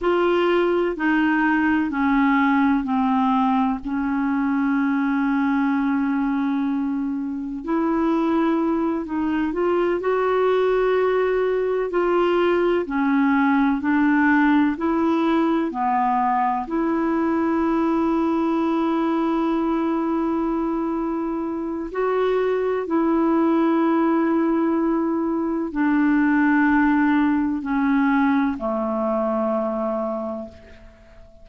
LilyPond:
\new Staff \with { instrumentName = "clarinet" } { \time 4/4 \tempo 4 = 63 f'4 dis'4 cis'4 c'4 | cis'1 | e'4. dis'8 f'8 fis'4.~ | fis'8 f'4 cis'4 d'4 e'8~ |
e'8 b4 e'2~ e'8~ | e'2. fis'4 | e'2. d'4~ | d'4 cis'4 a2 | }